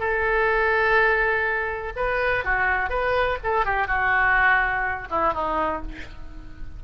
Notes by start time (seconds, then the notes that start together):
0.00 A4
1.97 B4
2.45 F#4
2.90 B4
3.44 A4
3.66 G4
3.88 F#4
5.11 E4
5.34 D#4